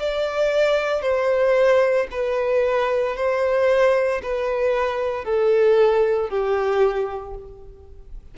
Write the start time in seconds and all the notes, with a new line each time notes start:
0.00 D5
1.02 C5
2.11 B4
3.17 C5
4.23 B4
5.25 A4
6.30 G4